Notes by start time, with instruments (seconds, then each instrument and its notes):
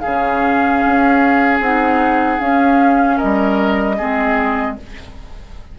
0.00 bassoon C#3, oboe G#4, flute F5
0.07 clarinet C#4
0.86 bassoon C#4
1.60 bassoon C4, clarinet D#4, flute F#5
2.39 clarinet C#4, bassoon C#4, flute F5
3.17 oboe A#4, flute D#5
3.23 bassoon G3
3.98 bassoon G#3, clarinet C4, oboe G#4